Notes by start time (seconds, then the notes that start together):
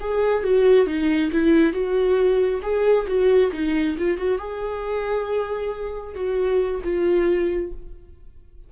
0.00 G#4
0.44 F#4
0.87 D#4
1.32 E4
1.73 F#4
2.62 G#4
3.07 F#4
3.52 D#4
3.98 F4
4.18 F#4
4.39 G#4
6.15 F#4
6.84 F4